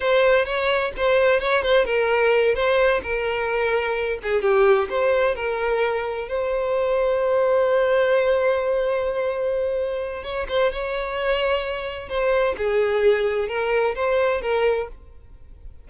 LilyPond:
\new Staff \with { instrumentName = "violin" } { \time 4/4 \tempo 4 = 129 c''4 cis''4 c''4 cis''8 c''8 | ais'4. c''4 ais'4.~ | ais'4 gis'8 g'4 c''4 ais'8~ | ais'4. c''2~ c''8~ |
c''1~ | c''2 cis''8 c''8 cis''4~ | cis''2 c''4 gis'4~ | gis'4 ais'4 c''4 ais'4 | }